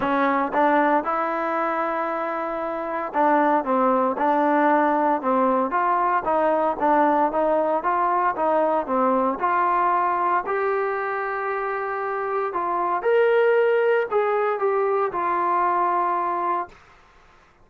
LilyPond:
\new Staff \with { instrumentName = "trombone" } { \time 4/4 \tempo 4 = 115 cis'4 d'4 e'2~ | e'2 d'4 c'4 | d'2 c'4 f'4 | dis'4 d'4 dis'4 f'4 |
dis'4 c'4 f'2 | g'1 | f'4 ais'2 gis'4 | g'4 f'2. | }